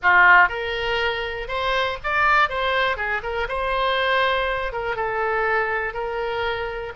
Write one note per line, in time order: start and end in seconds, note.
0.02 0.48 F4
0.48 1.47 A#4
1.47 1.97 C5
2.03 2.49 D5
2.49 2.96 C5
2.96 3.21 G#4
3.22 3.47 A#4
3.48 4.72 C5
4.72 4.96 A#4
4.96 5.93 A4
5.93 6.92 A#4